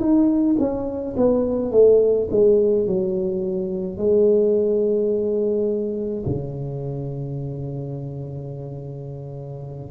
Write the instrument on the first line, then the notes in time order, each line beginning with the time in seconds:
tuba
0.00 D#4
0.59 C#4
1.17 B3
1.72 A3
2.31 G#3
2.87 F#3
3.98 G#3
6.26 C#3